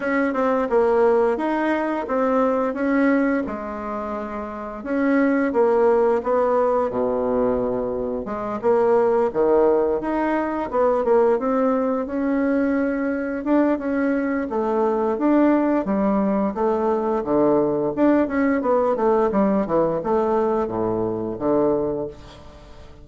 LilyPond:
\new Staff \with { instrumentName = "bassoon" } { \time 4/4 \tempo 4 = 87 cis'8 c'8 ais4 dis'4 c'4 | cis'4 gis2 cis'4 | ais4 b4 b,2 | gis8 ais4 dis4 dis'4 b8 |
ais8 c'4 cis'2 d'8 | cis'4 a4 d'4 g4 | a4 d4 d'8 cis'8 b8 a8 | g8 e8 a4 a,4 d4 | }